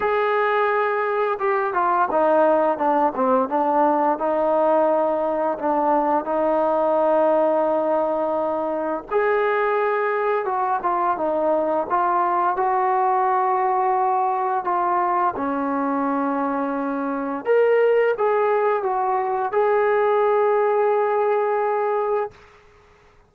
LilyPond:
\new Staff \with { instrumentName = "trombone" } { \time 4/4 \tempo 4 = 86 gis'2 g'8 f'8 dis'4 | d'8 c'8 d'4 dis'2 | d'4 dis'2.~ | dis'4 gis'2 fis'8 f'8 |
dis'4 f'4 fis'2~ | fis'4 f'4 cis'2~ | cis'4 ais'4 gis'4 fis'4 | gis'1 | }